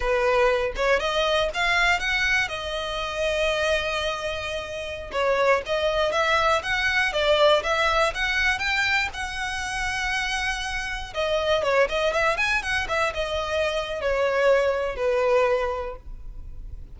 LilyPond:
\new Staff \with { instrumentName = "violin" } { \time 4/4 \tempo 4 = 120 b'4. cis''8 dis''4 f''4 | fis''4 dis''2.~ | dis''2~ dis''16 cis''4 dis''8.~ | dis''16 e''4 fis''4 d''4 e''8.~ |
e''16 fis''4 g''4 fis''4.~ fis''16~ | fis''2~ fis''16 dis''4 cis''8 dis''16~ | dis''16 e''8 gis''8 fis''8 e''8 dis''4.~ dis''16 | cis''2 b'2 | }